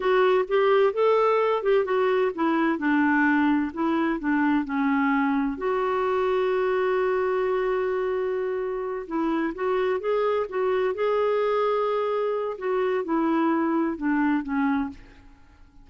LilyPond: \new Staff \with { instrumentName = "clarinet" } { \time 4/4 \tempo 4 = 129 fis'4 g'4 a'4. g'8 | fis'4 e'4 d'2 | e'4 d'4 cis'2 | fis'1~ |
fis'2.~ fis'8 e'8~ | e'8 fis'4 gis'4 fis'4 gis'8~ | gis'2. fis'4 | e'2 d'4 cis'4 | }